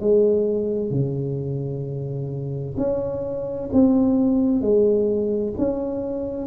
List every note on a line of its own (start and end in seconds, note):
0.00 0.90 G#3
0.90 2.75 C#3
2.77 3.69 C#4
3.72 4.61 C4
4.61 5.53 G#3
5.58 6.47 C#4